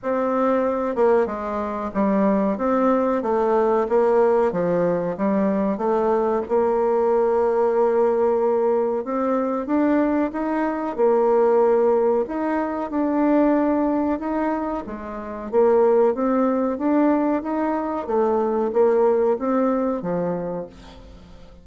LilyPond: \new Staff \with { instrumentName = "bassoon" } { \time 4/4 \tempo 4 = 93 c'4. ais8 gis4 g4 | c'4 a4 ais4 f4 | g4 a4 ais2~ | ais2 c'4 d'4 |
dis'4 ais2 dis'4 | d'2 dis'4 gis4 | ais4 c'4 d'4 dis'4 | a4 ais4 c'4 f4 | }